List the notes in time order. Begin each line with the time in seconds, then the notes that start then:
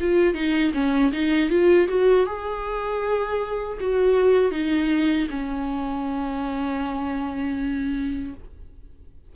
0.00 F4
0.34 D#4
0.74 C#4
1.12 D#4
1.50 F4
1.88 F#4
2.26 G#4
3.80 F#4
4.52 D#4
5.30 C#4